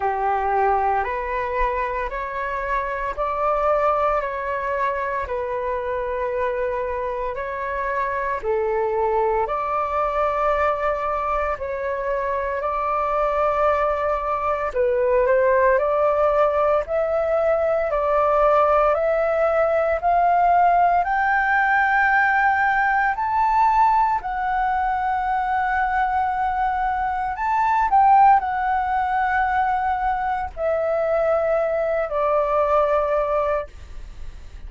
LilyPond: \new Staff \with { instrumentName = "flute" } { \time 4/4 \tempo 4 = 57 g'4 b'4 cis''4 d''4 | cis''4 b'2 cis''4 | a'4 d''2 cis''4 | d''2 b'8 c''8 d''4 |
e''4 d''4 e''4 f''4 | g''2 a''4 fis''4~ | fis''2 a''8 g''8 fis''4~ | fis''4 e''4. d''4. | }